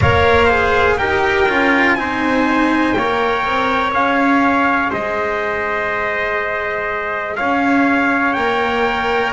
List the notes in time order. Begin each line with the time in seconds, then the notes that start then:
0.01 A#3 A#4 C#5 F5
0.45 G#4 C5
0.98 D#4 G4 A#4 G5
1.48 C#4 F4
1.94 C4 D#4 C5 G#5
2.92 A#3 C#5 G5
2.99 A#4
3.45 C4
3.92 C#4 G#4 F5
4.90 G#3 C5 D#5
7.36 C#4 C#5 F5
8.33 A#3 A#4 G5